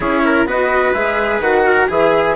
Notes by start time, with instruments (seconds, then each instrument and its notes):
0.00 bassoon C#4, cello E4, trumpet G#4, flute C#5
0.24 trumpet A#4
0.45 bassoon B3, cello F#4, trumpet B4, flute D#5
0.93 bassoon G#3, cello G#4, flute E5
1.40 bassoon D#3, cello F#4, flute F#5
1.65 trumpet A#4
1.88 bassoon E3, cello G#4, trumpet G#4, flute E5